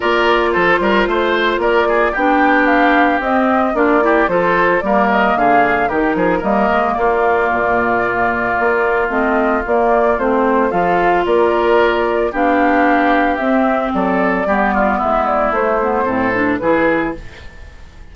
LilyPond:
<<
  \new Staff \with { instrumentName = "flute" } { \time 4/4 \tempo 4 = 112 d''4 c''2 d''4 | g''4 f''4 dis''4 d''4 | c''4 d''8 dis''8 f''4 ais'4 | dis''4 d''2.~ |
d''4 dis''4 d''4 c''4 | f''4 d''2 f''4~ | f''4 e''4 d''2 | e''8 d''8 c''2 b'4 | }
  \new Staff \with { instrumentName = "oboe" } { \time 4/4 ais'4 a'8 ais'8 c''4 ais'8 gis'8 | g'2. f'8 g'8 | a'4 ais'4 gis'4 g'8 gis'8 | ais'4 f'2.~ |
f'1 | a'4 ais'2 g'4~ | g'2 a'4 g'8 f'8 | e'2 a'4 gis'4 | }
  \new Staff \with { instrumentName = "clarinet" } { \time 4/4 f'1 | d'2 c'4 d'8 e'8 | f'4 ais2 dis'4 | ais1~ |
ais4 c'4 ais4 c'4 | f'2. d'4~ | d'4 c'2 b4~ | b4 a8 b8 c'8 d'8 e'4 | }
  \new Staff \with { instrumentName = "bassoon" } { \time 4/4 ais4 f8 g8 a4 ais4 | b2 c'4 ais4 | f4 g4 d4 dis8 f8 | g8 gis8 ais4 ais,2 |
ais4 a4 ais4 a4 | f4 ais2 b4~ | b4 c'4 fis4 g4 | gis4 a4 a,4 e4 | }
>>